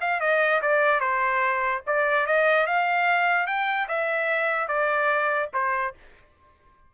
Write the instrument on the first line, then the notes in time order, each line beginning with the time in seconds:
trumpet
0.00 F5
0.20 D#5
0.61 D5
1.00 C5
1.86 D5
2.26 D#5
2.66 F5
3.46 G5
3.88 E5
4.67 D5
5.53 C5